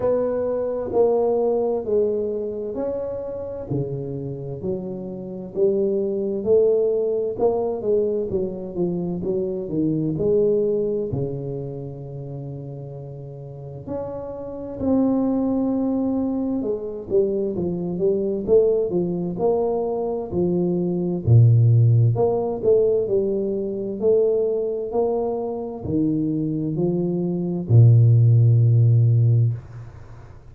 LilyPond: \new Staff \with { instrumentName = "tuba" } { \time 4/4 \tempo 4 = 65 b4 ais4 gis4 cis'4 | cis4 fis4 g4 a4 | ais8 gis8 fis8 f8 fis8 dis8 gis4 | cis2. cis'4 |
c'2 gis8 g8 f8 g8 | a8 f8 ais4 f4 ais,4 | ais8 a8 g4 a4 ais4 | dis4 f4 ais,2 | }